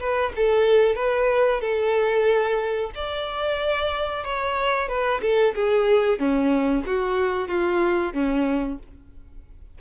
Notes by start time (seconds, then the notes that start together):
0.00 B4
0.36 A4
0.96 B4
1.61 A4
2.95 D5
4.25 C#5
4.89 B4
5.22 A4
5.55 G#4
6.19 C#4
6.86 F#4
7.48 F4
8.13 C#4